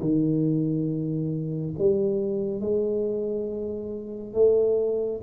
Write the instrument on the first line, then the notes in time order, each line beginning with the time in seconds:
tuba
0.00 D#3
1.78 G3
2.60 G#3
4.34 A3